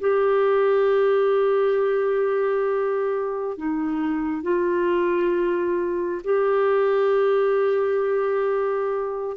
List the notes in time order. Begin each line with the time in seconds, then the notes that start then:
0.00 G4
3.57 D#4
4.42 F4
6.24 G4